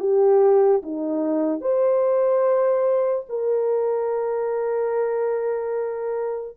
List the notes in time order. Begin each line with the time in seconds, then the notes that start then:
0.00 G4
0.83 D#4
1.61 C5
3.29 A#4